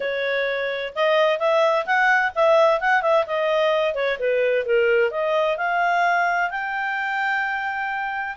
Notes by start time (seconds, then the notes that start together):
0.00 C#5
0.95 D#5
1.39 E5
1.86 F#5
2.35 E5
2.80 F#5
3.01 E5
3.26 D#5
3.94 C#5
4.19 B4
4.65 A#4
5.11 D#5
5.57 F5
6.50 G5